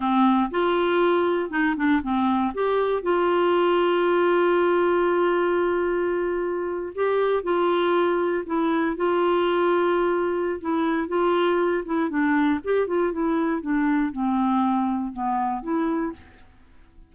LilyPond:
\new Staff \with { instrumentName = "clarinet" } { \time 4/4 \tempo 4 = 119 c'4 f'2 dis'8 d'8 | c'4 g'4 f'2~ | f'1~ | f'4.~ f'16 g'4 f'4~ f'16~ |
f'8. e'4 f'2~ f'16~ | f'4 e'4 f'4. e'8 | d'4 g'8 f'8 e'4 d'4 | c'2 b4 e'4 | }